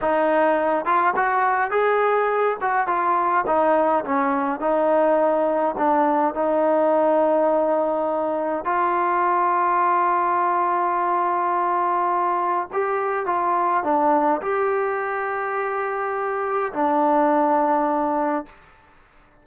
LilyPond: \new Staff \with { instrumentName = "trombone" } { \time 4/4 \tempo 4 = 104 dis'4. f'8 fis'4 gis'4~ | gis'8 fis'8 f'4 dis'4 cis'4 | dis'2 d'4 dis'4~ | dis'2. f'4~ |
f'1~ | f'2 g'4 f'4 | d'4 g'2.~ | g'4 d'2. | }